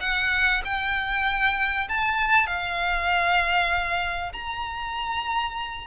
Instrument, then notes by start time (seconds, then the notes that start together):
violin
0.00 F#5
0.64 G5
1.88 A5
2.47 F5
4.32 A#5